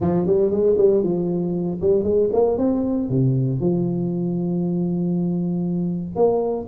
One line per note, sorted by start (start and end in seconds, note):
0.00 0.26 F3
0.26 0.50 G3
0.50 0.76 G#3
0.77 1.03 G3
1.03 1.80 F3
1.81 2.03 G3
2.03 2.29 G#3
2.33 2.57 A#3
2.57 3.09 C4
3.09 3.60 C3
3.60 6.15 F3
6.15 6.66 A#3